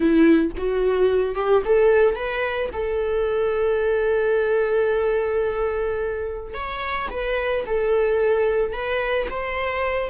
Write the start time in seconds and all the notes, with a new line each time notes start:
0.00 E4
0.57 F#4
1.35 G4
1.65 A4
2.15 B4
2.72 A4
6.54 C#5
7.10 B4
7.66 A4
8.72 B4
9.30 C5